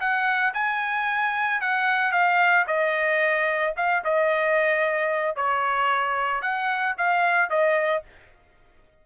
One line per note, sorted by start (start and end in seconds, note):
0.00 0.54 F#5
0.54 1.61 G#5
1.61 2.12 F#5
2.12 2.65 F5
2.67 3.74 D#5
3.76 4.03 F5
4.04 5.36 D#5
5.36 6.42 C#5
6.42 6.95 F#5
6.97 7.50 F5
7.50 8.03 D#5